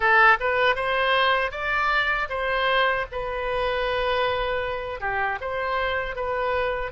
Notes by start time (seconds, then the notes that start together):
0.00 A4
0.40 B4
0.75 C5
1.51 D5
2.29 C5
3.11 B4
5.00 G4
5.41 C5
6.15 B4